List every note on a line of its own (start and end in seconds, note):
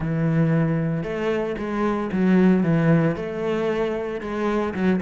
0.00 1.03 E3
1.03 1.55 A3
1.58 2.10 G#3
2.12 2.63 F#3
2.63 3.16 E3
3.16 4.21 A3
4.21 4.73 G#3
4.74 5.00 F#3